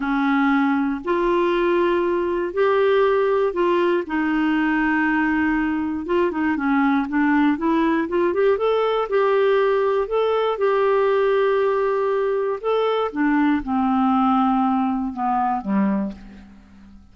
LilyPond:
\new Staff \with { instrumentName = "clarinet" } { \time 4/4 \tempo 4 = 119 cis'2 f'2~ | f'4 g'2 f'4 | dis'1 | f'8 dis'8 cis'4 d'4 e'4 |
f'8 g'8 a'4 g'2 | a'4 g'2.~ | g'4 a'4 d'4 c'4~ | c'2 b4 g4 | }